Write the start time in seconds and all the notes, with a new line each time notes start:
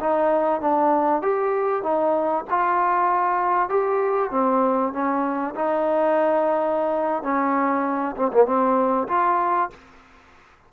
0.00 D#4
0.61 D4
1.22 G4
1.83 D#4
2.50 F4
3.69 G4
4.31 C4
4.93 C#4
5.55 D#4
7.23 C#4
8.16 C4
8.33 A#3
8.46 C4
9.08 F4